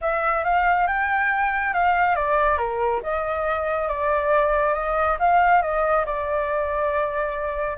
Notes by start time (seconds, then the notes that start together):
0.01 E5
0.43 F5
0.87 G5
1.73 F5
2.15 D5
2.57 A#4
3.02 D#5
3.88 D5
4.74 D#5
5.19 F5
5.62 D#5
6.05 D5